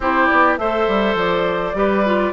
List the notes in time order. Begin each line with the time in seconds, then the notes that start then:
0.00 C4 E4 G4 C5
0.27 B3 D5
0.57 A3 A4 C5 E5
0.87 G3
1.14 F3 D5
1.73 G3 G4 B4
2.05 F4